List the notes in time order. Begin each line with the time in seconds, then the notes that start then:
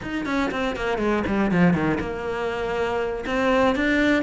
0.02 D#4
0.25 C#4
0.51 C4
0.75 A#3
0.98 G#3
1.26 G3
1.51 F3
1.73 D#3
2.00 A#3
3.26 C4
3.75 D4